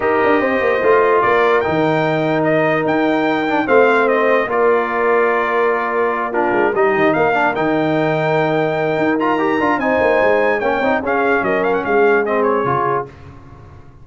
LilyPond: <<
  \new Staff \with { instrumentName = "trumpet" } { \time 4/4 \tempo 4 = 147 dis''2. d''4 | g''2 dis''4 g''4~ | g''4 f''4 dis''4 d''4~ | d''2.~ d''8 ais'8~ |
ais'8 dis''4 f''4 g''4.~ | g''2~ g''8 ais''4. | gis''2 g''4 f''4 | dis''8 f''16 fis''16 f''4 dis''8 cis''4. | }
  \new Staff \with { instrumentName = "horn" } { \time 4/4 ais'4 c''2 ais'4~ | ais'1~ | ais'4 c''2 ais'4~ | ais'2.~ ais'8 f'8~ |
f'8 g'4 ais'2~ ais'8~ | ais'1 | c''2 cis''4 gis'4 | ais'4 gis'2. | }
  \new Staff \with { instrumentName = "trombone" } { \time 4/4 g'2 f'2 | dis'1~ | dis'8 d'8 c'2 f'4~ | f'2.~ f'8 d'8~ |
d'8 dis'4. d'8 dis'4.~ | dis'2~ dis'8 f'8 g'8 f'8 | dis'2 cis'8 dis'8 cis'4~ | cis'2 c'4 f'4 | }
  \new Staff \with { instrumentName = "tuba" } { \time 4/4 dis'8 d'8 c'8 ais8 a4 ais4 | dis2. dis'4~ | dis'4 a2 ais4~ | ais1 |
gis8 g8 dis8 ais4 dis4.~ | dis2 dis'4. d'8 | c'8 ais8 gis4 ais8 c'8 cis'4 | fis4 gis2 cis4 | }
>>